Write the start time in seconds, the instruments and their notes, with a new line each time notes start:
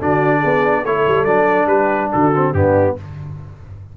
0.00 tuba D3, trombone D4, horn F#4, trumpet D5
0.39 tuba B3, horn G#4
0.83 tuba A3, trombone E4, horn A4, trumpet C#5
1.07 tuba G3
1.24 tuba F#3, trombone D4, trumpet D5
1.66 tuba G3, horn G4, trumpet B4
2.12 tuba D3, horn F#4, trumpet A4
2.35 trombone C4
2.53 tuba G2, trombone B3, horn D4, trumpet G4